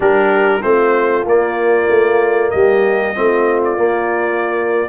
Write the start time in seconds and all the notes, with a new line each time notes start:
0.00 G3 D4 G4 A#4
0.62 A3 C4 F4 C5
1.24 A#3 D5
1.89 A3
2.50 G3 G4 D#5
3.14 A3 C4 F4
3.64 D5
3.77 A#3